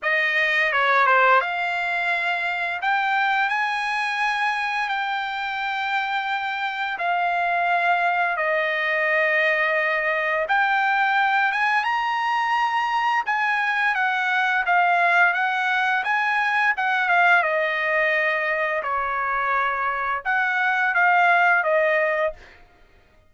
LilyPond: \new Staff \with { instrumentName = "trumpet" } { \time 4/4 \tempo 4 = 86 dis''4 cis''8 c''8 f''2 | g''4 gis''2 g''4~ | g''2 f''2 | dis''2. g''4~ |
g''8 gis''8 ais''2 gis''4 | fis''4 f''4 fis''4 gis''4 | fis''8 f''8 dis''2 cis''4~ | cis''4 fis''4 f''4 dis''4 | }